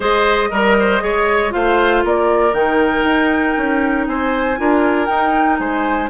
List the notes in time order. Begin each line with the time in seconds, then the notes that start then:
0.00 G#3 G#4 C5 D#5
0.51 G3 A#4
0.79 C5
1.00 G#3 G#4 C#5
1.49 A3 F4 C5 F5
2.03 A#3 A#4 D5
2.53 D#3 D#4 G5
3.03 D#4
3.57 C#4
4.06 C4 C5 G#5
4.57 D4 F4 A#4
5.06 D#4 G5
5.58 G#3 C5 G#5